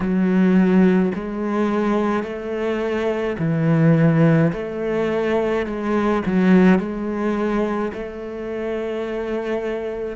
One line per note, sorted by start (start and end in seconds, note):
0.00 1.12 F#3
1.14 2.23 G#3
2.23 3.36 A3
3.38 4.51 E3
4.53 5.66 A3
5.66 6.22 G#3
6.26 6.78 F#3
6.78 7.91 G#3
7.93 10.16 A3